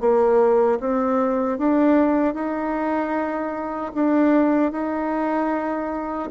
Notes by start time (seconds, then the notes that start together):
0.00 A#3
0.80 C4
1.58 D4
2.34 D#4
3.94 D4
4.72 D#4